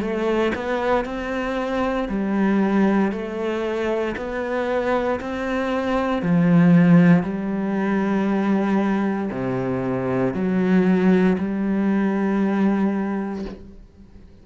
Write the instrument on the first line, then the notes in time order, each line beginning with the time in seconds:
cello
0.00 A3
0.55 B3
1.04 C4
2.08 G3
3.11 A3
4.16 B3
5.20 C4
6.22 F3
7.22 G3
9.30 C3
10.33 F#3
11.38 G3